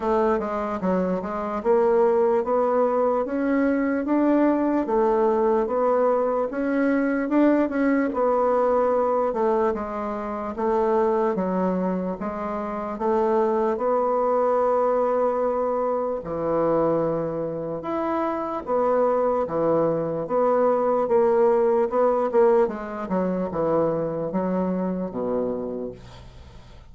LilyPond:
\new Staff \with { instrumentName = "bassoon" } { \time 4/4 \tempo 4 = 74 a8 gis8 fis8 gis8 ais4 b4 | cis'4 d'4 a4 b4 | cis'4 d'8 cis'8 b4. a8 | gis4 a4 fis4 gis4 |
a4 b2. | e2 e'4 b4 | e4 b4 ais4 b8 ais8 | gis8 fis8 e4 fis4 b,4 | }